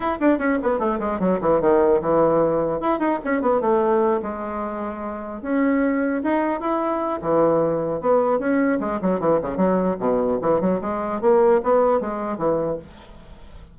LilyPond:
\new Staff \with { instrumentName = "bassoon" } { \time 4/4 \tempo 4 = 150 e'8 d'8 cis'8 b8 a8 gis8 fis8 e8 | dis4 e2 e'8 dis'8 | cis'8 b8 a4. gis4.~ | gis4. cis'2 dis'8~ |
dis'8 e'4. e2 | b4 cis'4 gis8 fis8 e8 cis8 | fis4 b,4 e8 fis8 gis4 | ais4 b4 gis4 e4 | }